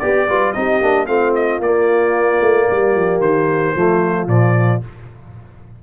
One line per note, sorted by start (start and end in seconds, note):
0.00 0.28 B3
0.00 0.29 G4
0.00 0.28 G4
0.00 0.53 D5
0.28 0.55 G3
0.28 0.55 F4
0.28 0.55 B4
0.53 0.81 C4
0.53 0.82 D#4
0.53 1.07 G4
0.53 1.07 D#5
0.81 1.08 A#3
0.81 1.07 D4
1.07 1.60 A3
1.07 1.61 C4
1.07 2.68 F4
1.07 1.34 F5
1.35 1.62 D#5
1.60 2.40 A#3
1.60 3.77 A#3
1.60 3.21 D5
2.41 2.68 A3
2.71 2.96 G3
2.71 3.77 G4
2.96 3.21 F3
3.21 3.74 D#3
3.21 4.28 C5
3.76 4.27 F3
3.76 4.28 A3
3.76 4.84 F4
4.27 4.81 A#2
4.27 4.82 F3
4.27 4.82 D5